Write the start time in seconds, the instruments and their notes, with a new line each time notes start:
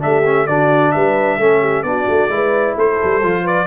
0.00 tuba A3, trombone D4, horn G4, trumpet E5
0.25 trombone C#4
0.47 tuba D3, trombone D4, horn F#4, trumpet D5
0.92 tuba G3, horn B4, trumpet E5
1.38 tuba A3, trombone C#4, horn A4
1.61 horn G4
1.83 tuba B3, trombone D4, horn F#4, trumpet D5
2.09 tuba A3
2.29 tuba G#3, trombone E4, horn B4
2.76 tuba A3, horn A4, trumpet C5
3.04 tuba G3
3.23 tuba F3, trombone F4
3.43 horn B4, trumpet D5